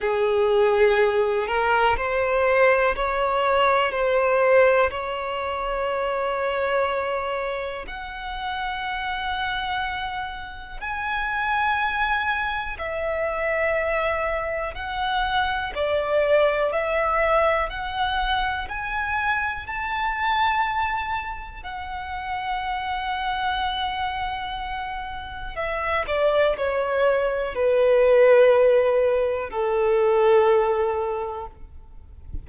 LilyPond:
\new Staff \with { instrumentName = "violin" } { \time 4/4 \tempo 4 = 61 gis'4. ais'8 c''4 cis''4 | c''4 cis''2. | fis''2. gis''4~ | gis''4 e''2 fis''4 |
d''4 e''4 fis''4 gis''4 | a''2 fis''2~ | fis''2 e''8 d''8 cis''4 | b'2 a'2 | }